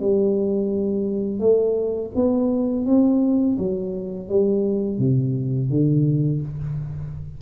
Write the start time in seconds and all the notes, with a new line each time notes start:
0.00 G3
1.40 A3
2.15 B3
2.86 C4
3.58 F#3
4.29 G3
4.99 C3
5.70 D3